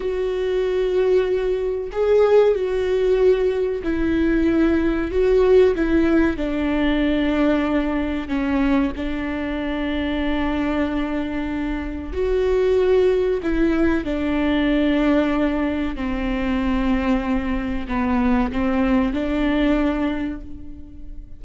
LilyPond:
\new Staff \with { instrumentName = "viola" } { \time 4/4 \tempo 4 = 94 fis'2. gis'4 | fis'2 e'2 | fis'4 e'4 d'2~ | d'4 cis'4 d'2~ |
d'2. fis'4~ | fis'4 e'4 d'2~ | d'4 c'2. | b4 c'4 d'2 | }